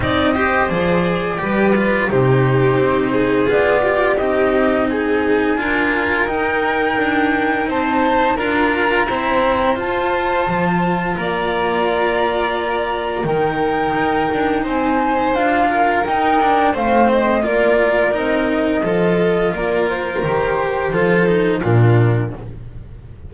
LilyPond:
<<
  \new Staff \with { instrumentName = "flute" } { \time 4/4 \tempo 4 = 86 dis''4 d''2 c''4~ | c''4 d''4 dis''4 gis''4~ | gis''4 g''2 a''4 | ais''2 a''2 |
ais''2. g''4~ | g''4 gis''4 f''4 g''4 | f''8 dis''8 d''4 dis''2 | d''8 c''2~ c''8 ais'4 | }
  \new Staff \with { instrumentName = "violin" } { \time 4/4 d''8 c''4. b'4 g'4~ | g'8 gis'4 g'4. gis'4 | ais'2. c''4 | ais'4 c''2. |
d''2. ais'4~ | ais'4 c''4. ais'4. | c''4 ais'2 a'4 | ais'2 a'4 f'4 | }
  \new Staff \with { instrumentName = "cello" } { \time 4/4 dis'8 g'8 gis'4 g'8 f'8 dis'4~ | dis'4 f'4 dis'2 | f'4 dis'2. | f'4 c'4 f'2~ |
f'2. dis'4~ | dis'2 f'4 dis'8 d'8 | c'4 f'4 dis'4 f'4~ | f'4 g'4 f'8 dis'8 d'4 | }
  \new Staff \with { instrumentName = "double bass" } { \time 4/4 c'4 f4 g4 c4 | c'4 b4 c'2 | d'4 dis'4 d'4 c'4 | d'4 e'4 f'4 f4 |
ais2. dis4 | dis'8 d'8 c'4 d'4 dis'4 | a4 ais4 c'4 f4 | ais4 dis4 f4 ais,4 | }
>>